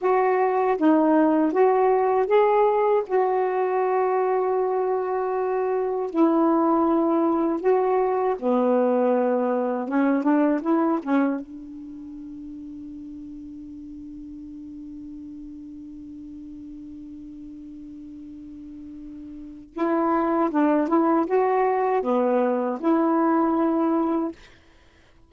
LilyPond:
\new Staff \with { instrumentName = "saxophone" } { \time 4/4 \tempo 4 = 79 fis'4 dis'4 fis'4 gis'4 | fis'1 | e'2 fis'4 b4~ | b4 cis'8 d'8 e'8 cis'8 d'4~ |
d'1~ | d'1~ | d'2 e'4 d'8 e'8 | fis'4 b4 e'2 | }